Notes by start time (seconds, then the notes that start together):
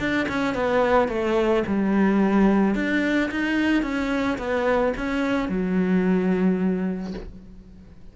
0.00 D4
0.29 C#4
0.55 B3
1.09 A3
1.67 G3
2.76 D4
3.32 D#4
3.83 C#4
4.39 B3
4.98 C#4
5.49 F#3